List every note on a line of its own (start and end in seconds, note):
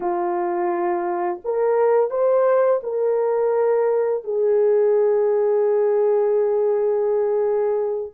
0.00 1.39 F4
1.44 2.10 A#4
2.10 2.80 C5
2.83 4.24 A#4
4.24 8.12 G#4